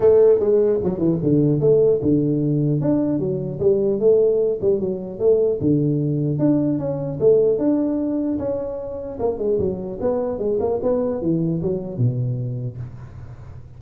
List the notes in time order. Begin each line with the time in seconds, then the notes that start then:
0.00 A3
0.39 G#3
0.83 F#3
0.98 E3
1.22 D3
1.60 A3
2.02 D3
2.81 D4
3.19 F#3
3.59 G3
3.99 A3
4.61 G3
4.80 F#3
5.19 A3
5.60 D3
6.39 D4
6.79 C#4
7.20 A3
7.58 D4
8.39 C#4
9.19 A#3
9.38 G#3
9.58 F#3
10.00 B3
10.39 G#3
10.59 A#3
10.82 B3
11.21 E3
11.61 F#3
11.97 B2